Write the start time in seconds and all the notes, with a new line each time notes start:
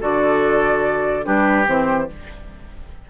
0.00 D3 F#4 A4 D5
1.23 G3 D4 G4 B4
1.65 E3 C4 C5